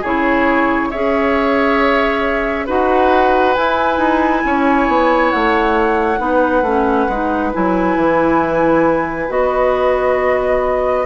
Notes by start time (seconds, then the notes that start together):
0.00 C#3 E4 G#4 C#5
0.90 C#4 G#4 C#5 E5
2.66 D#4 F#4 B4 F#5
3.54 E4 G#5
3.98 D#4
4.44 C#4 C#5
4.87 B3
5.30 A3 F#5
6.18 B3 D#4 B4
6.62 A3 C#4
7.08 G#3 D#4
7.53 F#3 E4 G#5
7.96 E3
9.28 B3 F#4 D#5